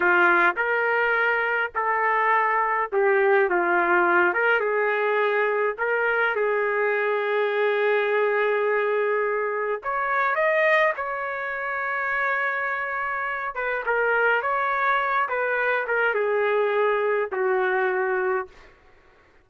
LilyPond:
\new Staff \with { instrumentName = "trumpet" } { \time 4/4 \tempo 4 = 104 f'4 ais'2 a'4~ | a'4 g'4 f'4. ais'8 | gis'2 ais'4 gis'4~ | gis'1~ |
gis'4 cis''4 dis''4 cis''4~ | cis''2.~ cis''8 b'8 | ais'4 cis''4. b'4 ais'8 | gis'2 fis'2 | }